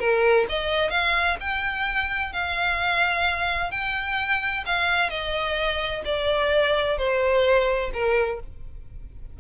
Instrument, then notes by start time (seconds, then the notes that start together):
violin
0.00 A#4
0.49 D#5
0.91 F5
1.41 G5
2.33 F5
3.72 G5
4.66 F5
5.10 D#5
6.05 D5
6.98 C5
7.94 A#4